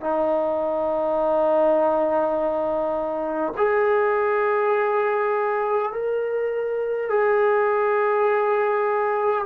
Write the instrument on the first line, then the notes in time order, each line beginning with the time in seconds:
trombone
0.00 D#4
3.57 G#4
5.91 A#4
7.09 G#4